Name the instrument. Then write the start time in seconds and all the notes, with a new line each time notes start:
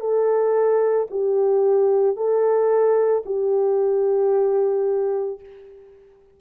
horn
0.00 A4
1.11 G4
2.16 A4
3.26 G4